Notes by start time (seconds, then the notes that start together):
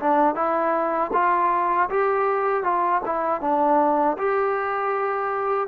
0.00 D4
0.35 E4
1.13 F4
1.90 G4
2.64 F4
3.06 E4
3.41 D4
4.18 G4